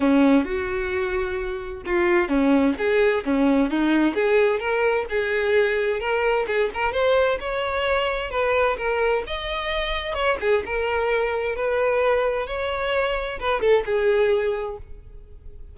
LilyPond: \new Staff \with { instrumentName = "violin" } { \time 4/4 \tempo 4 = 130 cis'4 fis'2. | f'4 cis'4 gis'4 cis'4 | dis'4 gis'4 ais'4 gis'4~ | gis'4 ais'4 gis'8 ais'8 c''4 |
cis''2 b'4 ais'4 | dis''2 cis''8 gis'8 ais'4~ | ais'4 b'2 cis''4~ | cis''4 b'8 a'8 gis'2 | }